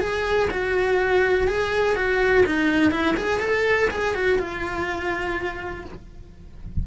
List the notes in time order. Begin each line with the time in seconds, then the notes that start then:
0.00 G#4
0.50 F#4
1.47 G#4
1.95 F#4
2.46 D#4
2.91 E4
3.17 G#4
3.40 A4
3.90 G#4
4.15 F#4
4.39 F4